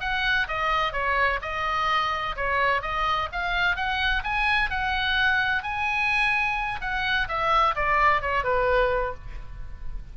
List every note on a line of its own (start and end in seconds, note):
0.00 0.47 F#5
0.48 0.92 D#5
0.92 1.39 C#5
1.42 2.35 D#5
2.36 2.81 C#5
2.81 3.28 D#5
3.32 3.76 F5
3.76 4.23 F#5
4.23 4.70 G#5
4.70 5.63 F#5
5.63 6.80 G#5
6.81 7.27 F#5
7.28 7.75 E5
7.75 8.21 D5
8.21 8.44 C#5
8.44 9.14 B4